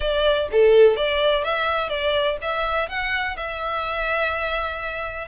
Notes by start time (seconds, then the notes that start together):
0.00 D5
0.51 A4
0.96 D5
1.44 E5
1.89 D5
2.41 E5
2.88 F#5
3.36 E5